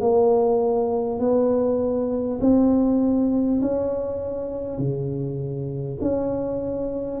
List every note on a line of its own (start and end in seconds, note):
0.00 1.19 A#3
1.19 2.39 B3
2.41 3.61 C4
3.61 4.78 C#4
4.78 5.98 C#3
6.01 7.20 C#4